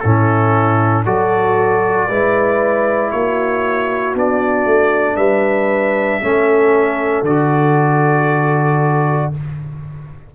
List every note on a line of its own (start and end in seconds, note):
0.00 1.06 A2
0.00 1.05 C#4
0.00 1.04 E4
0.00 1.03 A4
1.04 2.09 F#3
1.04 2.09 F#4
1.04 2.07 A4
1.04 3.11 D5
2.07 3.13 G#3
2.07 4.16 E4
2.07 3.10 B4
3.11 4.14 A#3
3.11 5.16 F#4
3.11 4.15 C#5
4.14 4.66 B3
4.14 6.22 D4
4.14 5.16 D5
4.66 5.17 A3
5.16 6.20 G3
5.16 6.20 B4
5.16 7.23 E5
6.22 7.22 A3
6.22 7.25 C#4
6.22 9.35 A4
7.22 9.29 D3
7.22 9.33 F#4
7.22 9.32 D5